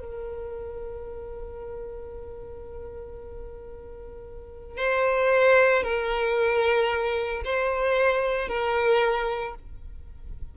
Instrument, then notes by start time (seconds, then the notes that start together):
violin
0.00 A#4
4.78 C5
5.84 A#4
7.45 C5
8.49 A#4